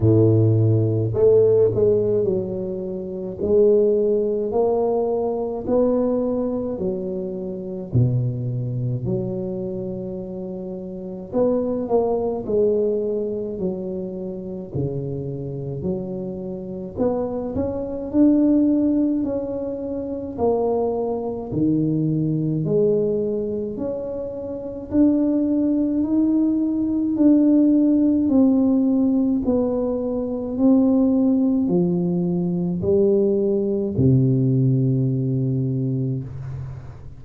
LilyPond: \new Staff \with { instrumentName = "tuba" } { \time 4/4 \tempo 4 = 53 a,4 a8 gis8 fis4 gis4 | ais4 b4 fis4 b,4 | fis2 b8 ais8 gis4 | fis4 cis4 fis4 b8 cis'8 |
d'4 cis'4 ais4 dis4 | gis4 cis'4 d'4 dis'4 | d'4 c'4 b4 c'4 | f4 g4 c2 | }